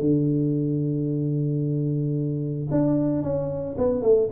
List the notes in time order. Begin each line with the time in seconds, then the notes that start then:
0.00 D3
2.71 D4
3.23 C#4
3.77 B3
4.02 A3